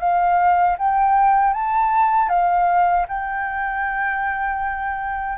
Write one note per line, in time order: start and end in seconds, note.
0.00 0.77 F5
0.78 1.54 G5
1.54 2.29 A5
2.29 3.06 F5
3.08 5.38 G5